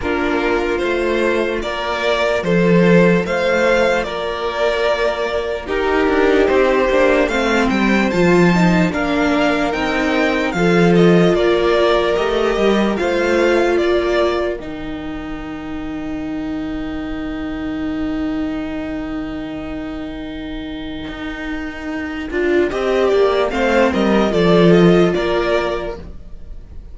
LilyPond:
<<
  \new Staff \with { instrumentName = "violin" } { \time 4/4 \tempo 4 = 74 ais'4 c''4 d''4 c''4 | f''4 d''2 ais'4 | c''4 f''8 g''8 a''4 f''4 | g''4 f''8 dis''8 d''4 dis''4 |
f''4 d''4 g''2~ | g''1~ | g''1~ | g''4 f''8 dis''8 d''8 dis''8 d''4 | }
  \new Staff \with { instrumentName = "violin" } { \time 4/4 f'2 ais'4 a'4 | c''4 ais'2 g'4~ | g'4 c''2 ais'4~ | ais'4 a'4 ais'2 |
c''4 ais'2.~ | ais'1~ | ais'1 | dis''8 d''8 c''8 ais'8 a'4 ais'4 | }
  \new Staff \with { instrumentName = "viola" } { \time 4/4 d'4 f'2.~ | f'2. dis'4~ | dis'8 d'8 c'4 f'8 dis'8 d'4 | dis'4 f'2 g'4 |
f'2 dis'2~ | dis'1~ | dis'2.~ dis'8 f'8 | g'4 c'4 f'2 | }
  \new Staff \with { instrumentName = "cello" } { \time 4/4 ais4 a4 ais4 f4 | a4 ais2 dis'8 d'8 | c'8 ais8 a8 g8 f4 ais4 | c'4 f4 ais4 a8 g8 |
a4 ais4 dis2~ | dis1~ | dis2 dis'4. d'8 | c'8 ais8 a8 g8 f4 ais4 | }
>>